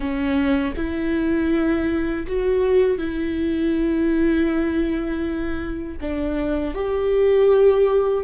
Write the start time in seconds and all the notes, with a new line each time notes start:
0.00 C#4
0.76 E4
2.27 F#4
2.98 E4
6.00 D4
6.74 G4